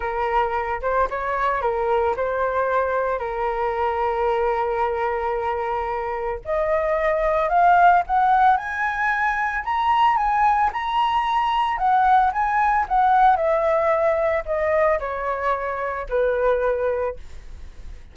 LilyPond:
\new Staff \with { instrumentName = "flute" } { \time 4/4 \tempo 4 = 112 ais'4. c''8 cis''4 ais'4 | c''2 ais'2~ | ais'1 | dis''2 f''4 fis''4 |
gis''2 ais''4 gis''4 | ais''2 fis''4 gis''4 | fis''4 e''2 dis''4 | cis''2 b'2 | }